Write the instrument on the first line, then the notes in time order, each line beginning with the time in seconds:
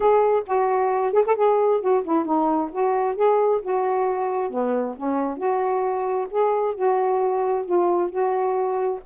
saxophone
0.00 G#4
0.46 F#4
1.12 G#4
1.26 A4
1.35 G#4
1.80 F#4
2.04 E4
2.25 D#4
2.71 F#4
3.15 G#4
3.62 F#4
4.49 B3
4.96 C#4
5.37 F#4
6.30 G#4
6.74 F#4
7.65 F4
8.10 F#4